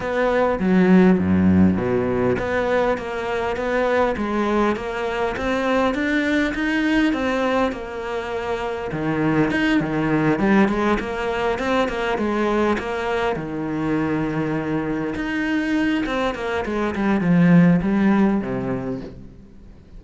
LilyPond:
\new Staff \with { instrumentName = "cello" } { \time 4/4 \tempo 4 = 101 b4 fis4 fis,4 b,4 | b4 ais4 b4 gis4 | ais4 c'4 d'4 dis'4 | c'4 ais2 dis4 |
dis'8 dis4 g8 gis8 ais4 c'8 | ais8 gis4 ais4 dis4.~ | dis4. dis'4. c'8 ais8 | gis8 g8 f4 g4 c4 | }